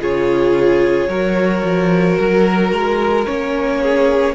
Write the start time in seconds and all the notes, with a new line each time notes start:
0.00 C#3 F4 G#4 C#5
1.08 F#3 F#4 A#4
1.63 F3
2.19 F#3 A#4
2.72 G#3
3.26 A#3 C#4 C#5
3.82 G#4